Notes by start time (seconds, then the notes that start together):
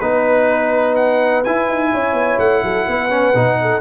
0.00 B3 D#4 B4
0.96 F#5
1.44 E4 G#5
1.69 D#4
1.91 C#4 C#5
2.13 B3
2.39 A3 F#5
2.63 F#3 A4
2.86 B3 B4
3.10 C#4
3.34 B2 D#4
3.61 A4